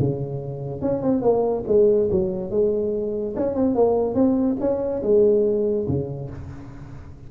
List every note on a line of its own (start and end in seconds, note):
0.00 0.82 C#3
0.82 1.03 C#4
1.03 1.22 C4
1.22 1.64 A#3
1.68 2.10 G#3
2.12 2.51 F#3
2.51 3.35 G#3
3.37 3.55 C#4
3.55 3.75 C4
3.75 4.15 A#3
4.15 4.57 C4
4.61 5.03 C#4
5.03 5.87 G#3
5.88 6.30 C#3